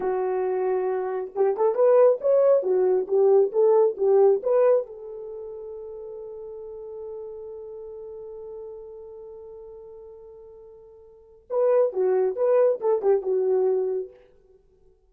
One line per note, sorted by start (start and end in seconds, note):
0.00 1.31 F#4
1.35 1.57 G4
1.57 1.74 A4
1.74 2.18 B4
2.21 2.62 C#5
2.62 3.06 F#4
3.07 3.51 G4
3.52 3.96 A4
3.97 4.41 G4
4.42 4.86 B4
4.86 11.48 A4
11.50 11.92 B4
11.92 12.35 F#4
12.35 12.80 B4
12.80 13.02 A4
13.02 13.22 G4
13.22 14.10 F#4